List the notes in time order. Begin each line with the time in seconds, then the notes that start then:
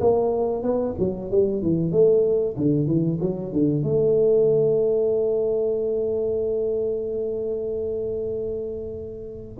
0.00 A#3
0.63 B3
0.99 F#3
1.31 G3
1.62 E3
1.91 A3
2.56 D3
2.87 E3
3.21 F#3
3.52 D3
3.83 A3